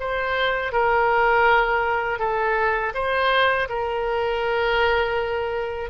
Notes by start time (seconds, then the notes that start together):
0.00 C5
0.73 A#4
2.19 A4
2.94 C5
3.69 A#4